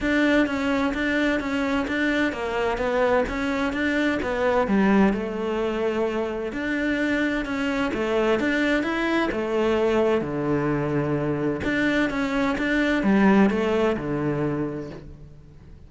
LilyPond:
\new Staff \with { instrumentName = "cello" } { \time 4/4 \tempo 4 = 129 d'4 cis'4 d'4 cis'4 | d'4 ais4 b4 cis'4 | d'4 b4 g4 a4~ | a2 d'2 |
cis'4 a4 d'4 e'4 | a2 d2~ | d4 d'4 cis'4 d'4 | g4 a4 d2 | }